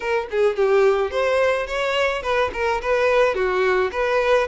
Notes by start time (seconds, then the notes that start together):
0.00 A#4
0.30 G#4
0.56 G4
1.10 C5
1.66 C#5
2.22 B4
2.53 A#4
2.81 B4
3.34 F#4
3.91 B4